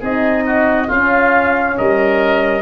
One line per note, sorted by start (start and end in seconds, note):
0.00 0.89 C4
0.00 0.89 D#4
0.00 0.43 G#4
0.00 0.91 D#5
0.47 0.88 F#4
0.88 2.62 C#4
0.88 1.77 C#4
0.88 1.75 F4
0.88 1.78 F5
1.78 2.62 G3
1.78 2.62 A#4
1.78 2.62 D#5